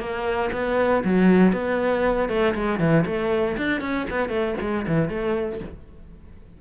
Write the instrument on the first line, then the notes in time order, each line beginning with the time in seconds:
cello
0.00 A#3
0.52 B3
1.04 F#3
1.53 B3
2.29 A3
2.55 G#3
2.79 E3
3.06 A3
3.58 D4
3.81 C#4
4.10 B3
4.29 A3
4.61 G#3
4.88 E3
5.09 A3